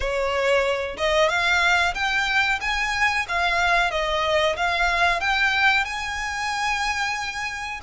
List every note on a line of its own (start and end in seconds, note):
0.00 0.96 C#5
0.97 1.29 D#5
1.29 1.94 F5
1.94 2.59 G5
2.61 3.26 G#5
3.28 3.90 F5
3.90 4.56 D#5
4.56 5.20 F5
5.20 5.84 G5
5.84 7.80 G#5